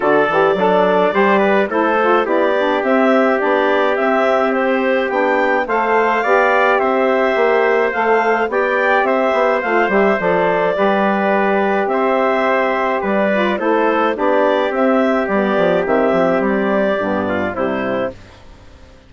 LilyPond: <<
  \new Staff \with { instrumentName = "clarinet" } { \time 4/4 \tempo 4 = 106 d''2. c''4 | d''4 e''4 d''4 e''4 | c''4 g''4 f''2 | e''2 f''4 g''4 |
e''4 f''8 e''8 d''2~ | d''4 e''2 d''4 | c''4 d''4 e''4 d''4 | e''4 d''2 c''4 | }
  \new Staff \with { instrumentName = "trumpet" } { \time 4/4 a'4 d'4 c''8 b'8 a'4 | g'1~ | g'2 c''4 d''4 | c''2. d''4 |
c''2. b'4~ | b'4 c''2 b'4 | a'4 g'2.~ | g'2~ g'8 f'8 e'4 | }
  \new Staff \with { instrumentName = "saxophone" } { \time 4/4 fis'8 g'8 a'4 g'4 e'8 f'8 | e'8 d'8 c'4 d'4 c'4~ | c'4 d'4 a'4 g'4~ | g'2 a'4 g'4~ |
g'4 f'8 g'8 a'4 g'4~ | g'2.~ g'8 f'8 | e'4 d'4 c'4 b4 | c'2 b4 g4 | }
  \new Staff \with { instrumentName = "bassoon" } { \time 4/4 d8 e8 fis4 g4 a4 | b4 c'4 b4 c'4~ | c'4 b4 a4 b4 | c'4 ais4 a4 b4 |
c'8 b8 a8 g8 f4 g4~ | g4 c'2 g4 | a4 b4 c'4 g8 f8 | dis8 f8 g4 g,4 c4 | }
>>